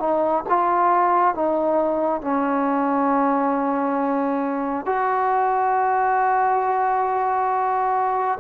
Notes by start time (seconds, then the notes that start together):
0.00 D#4
0.49 F4
1.35 D#4
2.21 C#4
4.86 F#4